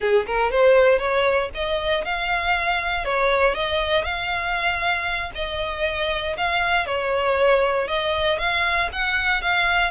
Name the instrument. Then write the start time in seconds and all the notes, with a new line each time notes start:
violin
0.00 G#4
0.26 A#4
0.51 C5
0.98 C#5
1.54 D#5
2.04 F5
3.04 C#5
3.54 D#5
4.04 F5
5.34 D#5
6.37 F5
6.86 C#5
7.87 D#5
8.38 F5
8.92 F#5
9.41 F5